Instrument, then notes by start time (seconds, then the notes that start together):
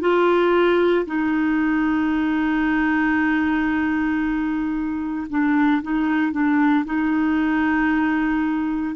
clarinet
0.00 F4
1.06 D#4
5.29 D4
5.82 D#4
6.32 D4
6.85 D#4